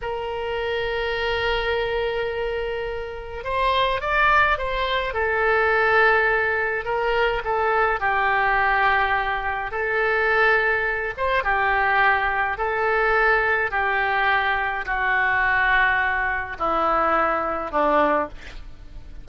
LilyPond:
\new Staff \with { instrumentName = "oboe" } { \time 4/4 \tempo 4 = 105 ais'1~ | ais'2 c''4 d''4 | c''4 a'2. | ais'4 a'4 g'2~ |
g'4 a'2~ a'8 c''8 | g'2 a'2 | g'2 fis'2~ | fis'4 e'2 d'4 | }